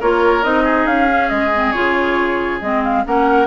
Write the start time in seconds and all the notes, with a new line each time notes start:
0.00 A#3 F4 A#4 C#5
0.43 C4 D#4 D#5
0.64 G#4
0.86 C#4 F5
1.08 C#4
1.29 G#3 D#5
1.54 C4
1.72 C#3 F4 C#5
2.61 G#3 C4 D#5
2.84 F5
3.05 A#3 C#4 A#4 F#5